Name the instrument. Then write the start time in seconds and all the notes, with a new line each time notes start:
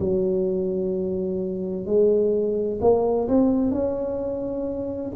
tuba
0.00 F#3
1.86 G#3
2.81 A#3
3.28 C4
3.72 C#4